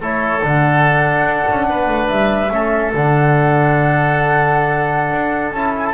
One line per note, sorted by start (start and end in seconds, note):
0.00 0.43 A3
0.00 0.41 E4
0.00 1.67 A4
0.00 0.45 C#5
0.41 1.24 D3
0.41 2.50 D4
0.41 2.09 F#5
1.24 1.45 D4
1.50 1.70 C#4
1.69 1.87 B3
1.69 2.53 B4
1.87 2.08 A3
2.09 2.51 G3
2.09 2.92 E5
2.51 2.93 A3
2.51 2.94 C#4
2.51 5.94 A4
2.94 5.12 D3
2.94 5.55 D4
2.94 5.52 F#5
5.12 5.52 D4
5.52 5.94 C#4
5.52 5.94 E4
5.52 5.73 A5
5.78 5.86 G#5
5.86 5.94 A5